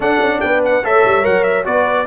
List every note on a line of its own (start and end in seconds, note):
0.00 0.20 D4
0.00 0.83 D4
0.00 0.40 A4
0.00 0.40 F#5
0.21 0.41 C#4
0.40 0.83 B3
0.40 0.84 B4
0.40 0.61 G5
0.64 0.85 F#5
0.83 1.04 A3
0.83 1.22 A4
0.83 1.66 C#5
0.83 1.25 E5
1.04 1.25 G3
1.22 1.66 F#3
1.22 1.63 A#4
1.22 1.43 F#5
1.43 1.63 E5
1.64 2.06 B3
1.64 2.06 F#4
1.64 2.06 B4
1.64 2.06 D5